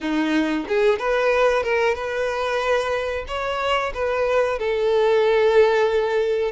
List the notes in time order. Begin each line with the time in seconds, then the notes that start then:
0.01 D#4
0.68 G#4
0.98 B4
1.63 A#4
1.94 B4
3.27 C#5
3.94 B4
4.58 A4